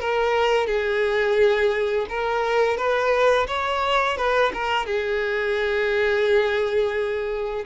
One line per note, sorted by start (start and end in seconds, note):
0.00 0.67 A#4
0.67 2.06 G#4
2.09 2.77 A#4
2.77 3.47 B4
3.47 4.17 C#5
4.17 4.52 B4
4.54 4.86 A#4
4.86 7.65 G#4